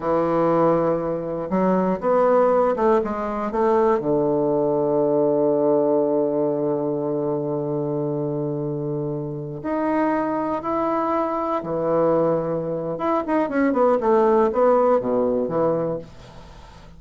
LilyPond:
\new Staff \with { instrumentName = "bassoon" } { \time 4/4 \tempo 4 = 120 e2. fis4 | b4. a8 gis4 a4 | d1~ | d1~ |
d2.~ d16 dis'8.~ | dis'4~ dis'16 e'2 e8.~ | e2 e'8 dis'8 cis'8 b8 | a4 b4 b,4 e4 | }